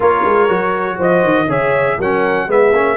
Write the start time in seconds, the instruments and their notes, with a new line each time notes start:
0.00 tuba A#3, trombone F4, horn A#4, trumpet C#5
0.24 tuba G#3
0.48 tuba F#3, trombone F#4
0.97 tuba F3, horn C5, trumpet D#5
1.23 tuba D#3
1.47 tuba C#3, trombone G#4, horn C#5, trumpet E5
1.98 tuba F#3, trombone C#4, horn A#4, trumpet F#5
2.47 tuba G#3, trombone B3, horn G#4, trumpet E5
2.72 tuba A#3, trombone C#4